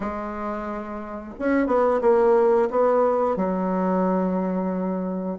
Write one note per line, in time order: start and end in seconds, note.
0.00 1.33 G#3
1.39 1.66 C#4
1.66 2.00 B3
2.01 2.68 A#3
2.70 3.36 B3
3.36 5.38 F#3